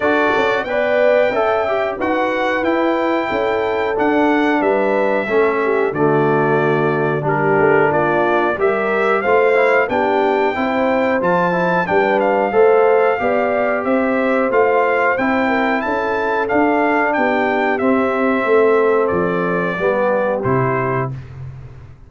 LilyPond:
<<
  \new Staff \with { instrumentName = "trumpet" } { \time 4/4 \tempo 4 = 91 d''4 g''2 fis''4 | g''2 fis''4 e''4~ | e''4 d''2 ais'4 | d''4 e''4 f''4 g''4~ |
g''4 a''4 g''8 f''4.~ | f''4 e''4 f''4 g''4 | a''4 f''4 g''4 e''4~ | e''4 d''2 c''4 | }
  \new Staff \with { instrumentName = "horn" } { \time 4/4 a'4 d''4 e''4 b'4~ | b'4 a'2 b'4 | a'8 g'8 fis'2 g'4 | f'4 ais'4 c''4 g'4 |
c''2 b'4 c''4 | d''4 c''2~ c''8 ais'8 | a'2 g'2 | a'2 g'2 | }
  \new Staff \with { instrumentName = "trombone" } { \time 4/4 fis'4 b'4 a'8 g'8 fis'4 | e'2 d'2 | cis'4 a2 d'4~ | d'4 g'4 f'8 e'8 d'4 |
e'4 f'8 e'8 d'4 a'4 | g'2 f'4 e'4~ | e'4 d'2 c'4~ | c'2 b4 e'4 | }
  \new Staff \with { instrumentName = "tuba" } { \time 4/4 d'8 cis'8 b4 cis'4 dis'4 | e'4 cis'4 d'4 g4 | a4 d2 g8 a8 | ais4 g4 a4 b4 |
c'4 f4 g4 a4 | b4 c'4 a4 c'4 | cis'4 d'4 b4 c'4 | a4 f4 g4 c4 | }
>>